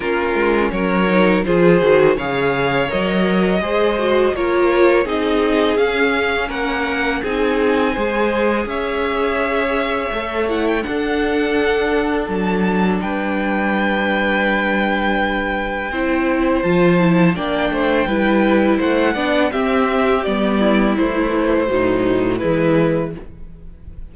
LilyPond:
<<
  \new Staff \with { instrumentName = "violin" } { \time 4/4 \tempo 4 = 83 ais'4 cis''4 c''4 f''4 | dis''2 cis''4 dis''4 | f''4 fis''4 gis''2 | e''2~ e''8 fis''16 g''16 fis''4~ |
fis''4 a''4 g''2~ | g''2. a''4 | g''2 fis''4 e''4 | d''4 c''2 b'4 | }
  \new Staff \with { instrumentName = "violin" } { \time 4/4 f'4 ais'4 gis'4 cis''4~ | cis''4 c''4 ais'4 gis'4~ | gis'4 ais'4 gis'4 c''4 | cis''2. a'4~ |
a'2 b'2~ | b'2 c''2 | d''8 c''8 b'4 c''8 d''8 g'4~ | g'8 e'4. dis'4 e'4 | }
  \new Staff \with { instrumentName = "viola" } { \time 4/4 cis'4. dis'8 f'8 fis'8 gis'4 | ais'4 gis'8 fis'8 f'4 dis'4 | cis'2 dis'4 gis'4~ | gis'2 a'8 e'8 d'4~ |
d'1~ | d'2 e'4 f'8 e'8 | d'4 e'4. d'8 c'4 | b4 e4 fis4 gis4 | }
  \new Staff \with { instrumentName = "cello" } { \time 4/4 ais8 gis8 fis4 f8 dis8 cis4 | fis4 gis4 ais4 c'4 | cis'4 ais4 c'4 gis4 | cis'2 a4 d'4~ |
d'4 fis4 g2~ | g2 c'4 f4 | ais8 a8 g4 a8 b8 c'4 | g4 a4 a,4 e4 | }
>>